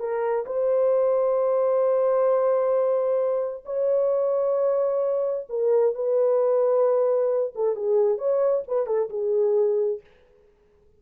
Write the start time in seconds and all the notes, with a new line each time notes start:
0.00 A#4
0.46 C5
3.66 C#5
5.50 A#4
5.95 B4
7.56 A4
7.76 G#4
8.18 C#5
8.68 B4
8.87 A4
9.10 G#4